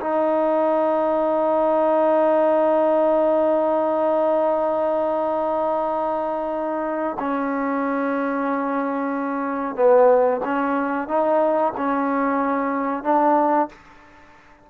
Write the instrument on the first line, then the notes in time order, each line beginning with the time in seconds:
trombone
0.00 D#4
7.19 C#4
9.76 B3
10.44 C#4
11.08 D#4
11.77 C#4
13.04 D4